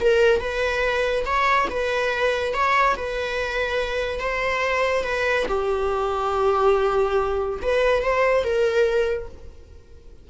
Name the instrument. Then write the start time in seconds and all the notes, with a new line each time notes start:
viola
0.00 A#4
0.40 B4
1.25 C#5
1.70 B4
2.53 C#5
2.96 B4
4.19 C5
5.04 B4
5.48 G4
7.62 B4
8.03 C5
8.44 A#4